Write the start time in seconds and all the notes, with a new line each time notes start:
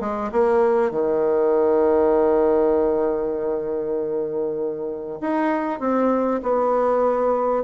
0.00 G#3
0.31 A#3
0.91 D#3
5.21 D#4
5.80 C4
6.43 B3